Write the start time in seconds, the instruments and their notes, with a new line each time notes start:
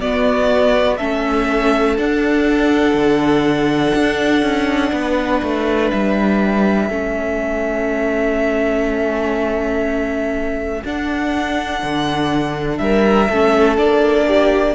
0.00 viola B3, cello B3, violin F#4 D5
0.98 cello A3, viola C#4, violin A4 E5
1.97 viola D4, cello D4, violin F#5
2.94 cello D3
3.95 cello D4
4.42 cello C#4
4.92 cello B3, violin B4
5.43 cello A3
5.90 cello G3, violin E5
6.89 cello A3, viola C#4, violin A4
10.85 cello D4, viola D4, violin F#5
11.83 cello D3
12.78 cello G3, violin A#4 E5
13.30 cello A3, viola C#4, violin A4
13.78 cello A#3, viola D4, violin D5
14.27 violin G4